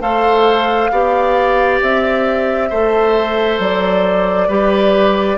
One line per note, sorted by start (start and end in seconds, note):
0.00 0.90 A3
0.00 0.90 A4
0.00 0.90 C5
0.00 1.80 F5
0.91 1.80 B3
0.91 2.70 G4
0.91 2.69 D5
1.81 2.71 C4
1.81 3.60 E5
2.69 3.59 A3
2.69 4.49 A4
2.69 4.47 C5
3.59 4.47 F#3
3.59 5.38 D5
4.47 5.37 G3
4.47 5.38 G4
4.47 5.37 B4